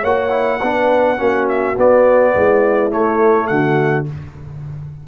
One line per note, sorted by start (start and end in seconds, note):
0.00 0.61 A#3
0.00 0.29 F#4
0.00 0.58 C#5
0.00 1.48 F#5
0.29 0.58 E4
0.59 1.19 B3
0.59 1.16 D4
0.59 1.16 B4
1.16 1.76 A#3
1.16 1.74 C#4
1.16 2.33 F#4
1.48 1.77 E5
1.77 2.35 B3
1.77 2.90 B3
1.77 2.91 D5
2.35 2.92 G#3
2.35 3.49 E4
2.90 4.05 A3
2.90 3.50 A3
2.90 3.47 C#5
3.47 4.07 D3
3.47 4.07 F#4
3.47 4.04 F#5